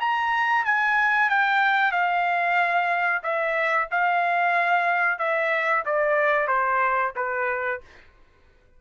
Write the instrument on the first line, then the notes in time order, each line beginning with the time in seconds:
trumpet
0.00 A#5
0.66 G#5
1.30 G5
1.92 F5
3.23 E5
3.91 F5
5.19 E5
5.86 D5
6.48 C5
7.16 B4